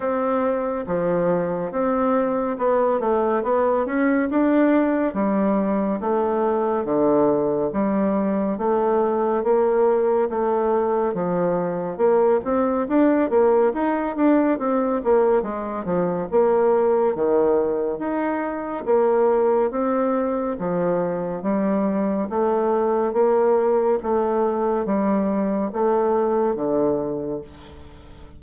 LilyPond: \new Staff \with { instrumentName = "bassoon" } { \time 4/4 \tempo 4 = 70 c'4 f4 c'4 b8 a8 | b8 cis'8 d'4 g4 a4 | d4 g4 a4 ais4 | a4 f4 ais8 c'8 d'8 ais8 |
dis'8 d'8 c'8 ais8 gis8 f8 ais4 | dis4 dis'4 ais4 c'4 | f4 g4 a4 ais4 | a4 g4 a4 d4 | }